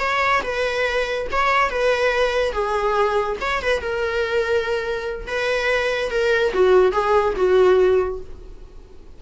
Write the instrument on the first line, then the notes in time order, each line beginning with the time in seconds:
viola
0.00 C#5
0.44 B4
1.32 C#5
1.71 B4
2.53 G#4
3.41 C#5
3.62 B4
3.81 A#4
5.27 B4
6.11 A#4
6.54 F#4
6.92 G#4
7.37 F#4